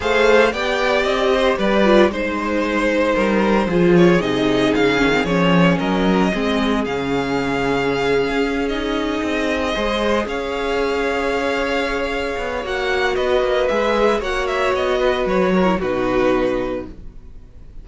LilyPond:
<<
  \new Staff \with { instrumentName = "violin" } { \time 4/4 \tempo 4 = 114 f''4 g''4 dis''4 d''4 | c''2.~ c''8 cis''8 | dis''4 f''4 cis''4 dis''4~ | dis''4 f''2.~ |
f''8 dis''2. f''8~ | f''1 | fis''4 dis''4 e''4 fis''8 e''8 | dis''4 cis''4 b'2 | }
  \new Staff \with { instrumentName = "violin" } { \time 4/4 c''4 d''4. c''8 b'4 | c''2 ais'4 gis'4~ | gis'2. ais'4 | gis'1~ |
gis'2~ gis'8 c''4 cis''8~ | cis''1~ | cis''4 b'2 cis''4~ | cis''8 b'4 ais'8 fis'2 | }
  \new Staff \with { instrumentName = "viola" } { \time 4/4 gis'4 g'2~ g'8 f'8 | dis'2. f'4 | dis'4. cis'16 c'16 cis'2 | c'4 cis'2.~ |
cis'8 dis'2 gis'4.~ | gis'1 | fis'2 gis'4 fis'4~ | fis'4.~ fis'16 e'16 dis'2 | }
  \new Staff \with { instrumentName = "cello" } { \time 4/4 a4 b4 c'4 g4 | gis2 g4 f4 | c4 cis8 dis8 f4 fis4 | gis4 cis2~ cis8. cis'16~ |
cis'4. c'4 gis4 cis'8~ | cis'2.~ cis'8 b8 | ais4 b8 ais8 gis4 ais4 | b4 fis4 b,2 | }
>>